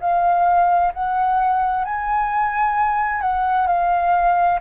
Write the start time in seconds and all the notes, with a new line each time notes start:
0.00 F5
0.93 F#5
1.84 G#5
3.21 F#5
3.67 F5